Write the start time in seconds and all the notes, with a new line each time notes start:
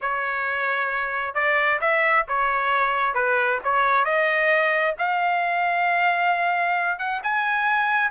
0.01 C#5
1.34 D5
1.80 E5
2.27 C#5
3.14 B4
3.64 C#5
4.04 D#5
4.98 F5
6.98 F#5
7.23 G#5